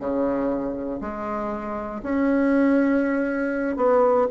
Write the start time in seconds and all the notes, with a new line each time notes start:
0.00 C#3
1.01 G#3
2.03 C#4
3.77 B3